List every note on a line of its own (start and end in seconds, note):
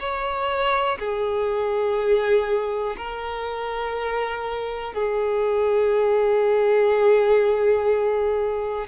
0.00 0.98 C#5
0.99 2.96 G#4
2.97 4.94 A#4
4.94 8.87 G#4